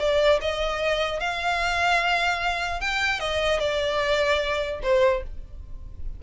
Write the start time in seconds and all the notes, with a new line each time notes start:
0.00 D5
0.41 D#5
1.20 F5
2.81 G5
3.20 D#5
3.60 D5
4.83 C5